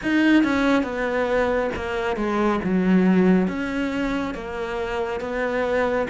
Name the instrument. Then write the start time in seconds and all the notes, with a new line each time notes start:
cello
0.02 D#4
0.43 C#4
0.83 B3
1.75 A#3
2.16 G#3
2.63 F#3
3.47 C#4
4.34 A#3
5.20 B3